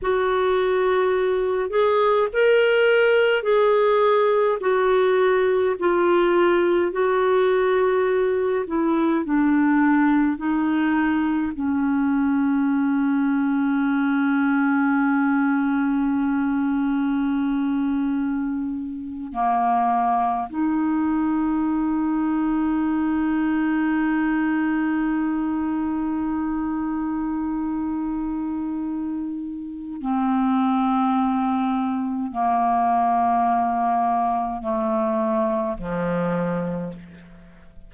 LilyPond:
\new Staff \with { instrumentName = "clarinet" } { \time 4/4 \tempo 4 = 52 fis'4. gis'8 ais'4 gis'4 | fis'4 f'4 fis'4. e'8 | d'4 dis'4 cis'2~ | cis'1~ |
cis'8. ais4 dis'2~ dis'16~ | dis'1~ | dis'2 c'2 | ais2 a4 f4 | }